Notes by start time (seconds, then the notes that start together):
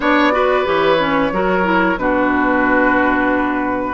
0.00 B3 D4 C#5 D5
0.32 F#4 B4
0.65 E3 G4 C#5
0.98 C#4
1.32 F#3 F#4 A#4
1.63 E4
1.96 B2 D4 F#4 B4